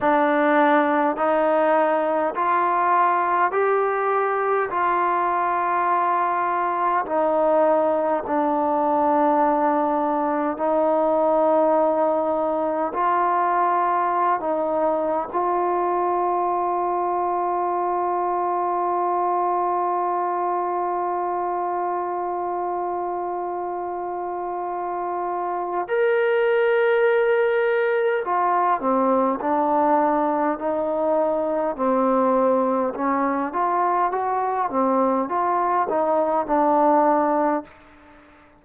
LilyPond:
\new Staff \with { instrumentName = "trombone" } { \time 4/4 \tempo 4 = 51 d'4 dis'4 f'4 g'4 | f'2 dis'4 d'4~ | d'4 dis'2 f'4~ | f'16 dis'8. f'2.~ |
f'1~ | f'2 ais'2 | f'8 c'8 d'4 dis'4 c'4 | cis'8 f'8 fis'8 c'8 f'8 dis'8 d'4 | }